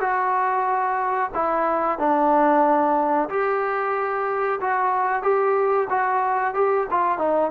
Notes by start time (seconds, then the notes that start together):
0.00 F#4
1.34 E4
1.98 D4
3.29 G4
4.61 F#4
5.22 G4
5.90 F#4
6.54 G4
6.90 F4
7.18 D#4